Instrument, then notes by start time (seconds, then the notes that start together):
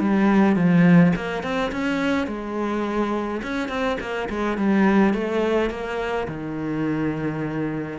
cello
0.00 G3
0.56 F3
1.16 A#3
1.43 C4
1.72 C#4
2.27 G#3
3.43 C#4
3.69 C4
4.00 A#3
4.30 G#3
4.58 G3
5.14 A3
5.71 A#3
6.28 D#3